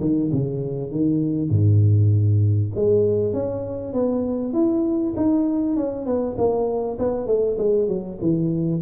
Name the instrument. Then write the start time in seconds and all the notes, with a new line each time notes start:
tuba
0.00 D#3
0.32 C#3
0.91 D#3
1.50 G#2
2.75 G#3
3.33 C#4
3.93 B3
4.53 E4
5.16 D#4
5.76 C#4
6.06 B3
6.37 A#3
6.98 B3
7.26 A3
7.58 G#3
7.88 F#3
8.21 E3